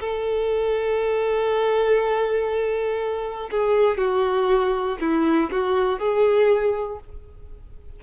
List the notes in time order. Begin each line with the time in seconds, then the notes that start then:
0.00 A4
3.50 G#4
3.97 F#4
5.00 E4
5.50 F#4
5.99 G#4